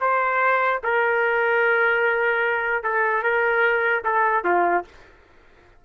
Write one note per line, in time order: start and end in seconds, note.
0.00 0.81 C5
0.83 2.83 A#4
2.83 3.23 A4
3.23 4.03 A#4
4.04 4.44 A4
4.44 4.84 F4